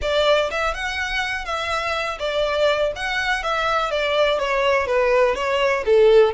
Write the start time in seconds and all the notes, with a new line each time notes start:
0.01 D5
0.50 E5
0.74 F#5
1.45 E5
2.19 D5
2.95 F#5
3.43 E5
3.90 D5
4.39 C#5
4.86 B4
5.35 C#5
5.85 A4